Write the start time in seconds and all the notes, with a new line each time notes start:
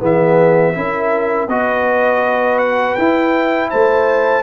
0.00 E3 B3 G#4 E5
0.74 C#4 E4 A#4
1.48 B3 F#4 B4 D#5
2.59 F#5
2.95 E4 G5
3.70 A3 C5 A5